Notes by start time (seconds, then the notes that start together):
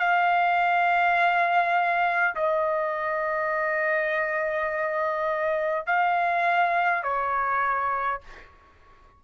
0.00 F5
2.35 D#5
5.87 F5
7.04 C#5